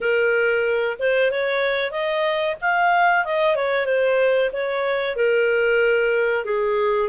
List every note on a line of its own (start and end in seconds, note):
0.01 0.97 A#4
0.99 1.31 C5
1.31 1.91 C#5
1.91 2.55 D#5
2.61 3.24 F5
3.24 3.55 D#5
3.55 3.85 C#5
3.85 4.50 C5
4.52 5.16 C#5
5.16 6.45 A#4
6.45 7.09 G#4